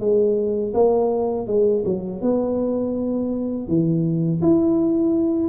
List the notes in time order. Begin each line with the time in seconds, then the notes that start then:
0.00 G#3
0.74 A#3
1.47 G#3
1.85 F#3
2.22 B3
3.68 E3
4.42 E4